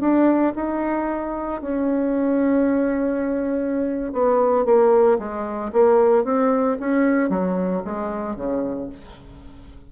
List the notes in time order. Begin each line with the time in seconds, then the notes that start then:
0.00 D4
0.56 D#4
1.61 C#4
4.12 B3
4.65 A#3
5.19 G#3
5.73 A#3
6.24 C4
6.80 C#4
7.29 F#3
7.85 G#3
8.36 C#3